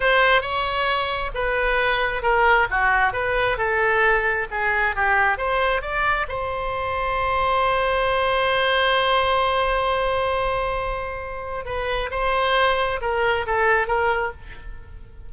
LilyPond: \new Staff \with { instrumentName = "oboe" } { \time 4/4 \tempo 4 = 134 c''4 cis''2 b'4~ | b'4 ais'4 fis'4 b'4 | a'2 gis'4 g'4 | c''4 d''4 c''2~ |
c''1~ | c''1~ | c''2 b'4 c''4~ | c''4 ais'4 a'4 ais'4 | }